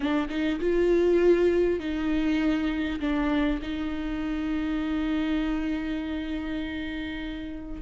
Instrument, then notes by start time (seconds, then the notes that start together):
viola
0.00 D4
0.29 D#4
0.59 F4
1.79 D#4
2.99 D4
3.62 D#4